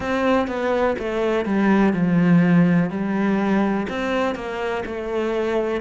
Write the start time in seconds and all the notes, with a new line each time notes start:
0.00 C4
0.47 B3
0.99 A3
1.45 G3
1.93 F3
2.90 G3
3.89 C4
4.35 A#3
4.85 A3